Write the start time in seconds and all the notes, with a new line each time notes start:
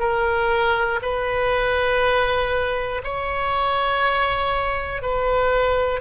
0.00 A#4
1.02 B4
3.04 C#5
5.02 B4